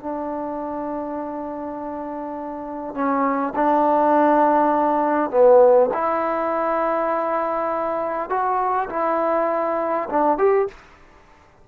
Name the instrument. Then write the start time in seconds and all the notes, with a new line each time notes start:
trombone
0.00 D4
2.94 C#4
3.55 D4
5.31 B3
5.94 E4
8.30 F#4
8.90 E4
10.10 D4
10.38 G4